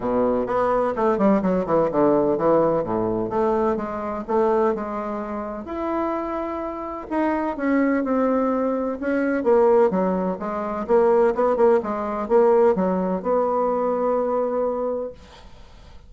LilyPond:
\new Staff \with { instrumentName = "bassoon" } { \time 4/4 \tempo 4 = 127 b,4 b4 a8 g8 fis8 e8 | d4 e4 a,4 a4 | gis4 a4 gis2 | e'2. dis'4 |
cis'4 c'2 cis'4 | ais4 fis4 gis4 ais4 | b8 ais8 gis4 ais4 fis4 | b1 | }